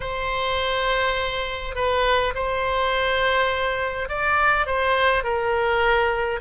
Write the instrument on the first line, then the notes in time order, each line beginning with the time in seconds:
oboe
0.00 C5
1.75 B4
2.35 C5
4.08 D5
4.66 C5
5.23 A#4